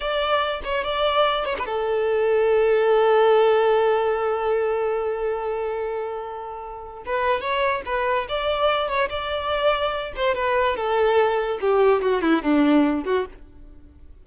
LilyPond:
\new Staff \with { instrumentName = "violin" } { \time 4/4 \tempo 4 = 145 d''4. cis''8 d''4. cis''16 b'16 | a'1~ | a'1~ | a'1~ |
a'4 b'4 cis''4 b'4 | d''4. cis''8 d''2~ | d''8 c''8 b'4 a'2 | g'4 fis'8 e'8 d'4. fis'8 | }